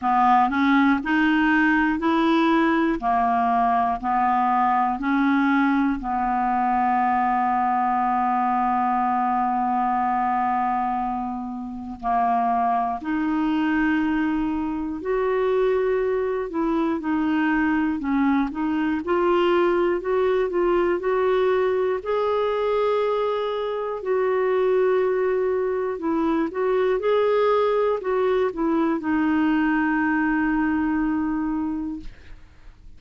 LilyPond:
\new Staff \with { instrumentName = "clarinet" } { \time 4/4 \tempo 4 = 60 b8 cis'8 dis'4 e'4 ais4 | b4 cis'4 b2~ | b1 | ais4 dis'2 fis'4~ |
fis'8 e'8 dis'4 cis'8 dis'8 f'4 | fis'8 f'8 fis'4 gis'2 | fis'2 e'8 fis'8 gis'4 | fis'8 e'8 dis'2. | }